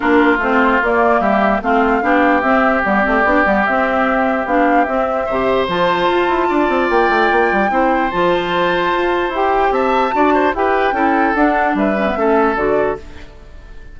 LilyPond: <<
  \new Staff \with { instrumentName = "flute" } { \time 4/4 \tempo 4 = 148 ais'4 c''4 d''4 e''4 | f''2 e''4 d''4~ | d''4 e''2 f''4 | e''2 a''2~ |
a''4 g''2. | a''2. g''4 | a''2 g''2 | fis''4 e''2 d''4 | }
  \new Staff \with { instrumentName = "oboe" } { \time 4/4 f'2. g'4 | f'4 g'2.~ | g'1~ | g'4 c''2. |
d''2. c''4~ | c''1 | e''4 d''8 c''8 b'4 a'4~ | a'4 b'4 a'2 | }
  \new Staff \with { instrumentName = "clarinet" } { \time 4/4 d'4 c'4 ais2 | c'4 d'4 c'4 b8 c'8 | d'8 b8 c'2 d'4 | c'4 g'4 f'2~ |
f'2. e'4 | f'2. g'4~ | g'4 fis'4 g'4 e'4 | d'4. cis'16 b16 cis'4 fis'4 | }
  \new Staff \with { instrumentName = "bassoon" } { \time 4/4 ais4 a4 ais4 g4 | a4 b4 c'4 g8 a8 | b8 g8 c'2 b4 | c'4 c4 f4 f'8 e'8 |
d'8 c'8 ais8 a8 ais8 g8 c'4 | f2 f'4 e'4 | c'4 d'4 e'4 cis'4 | d'4 g4 a4 d4 | }
>>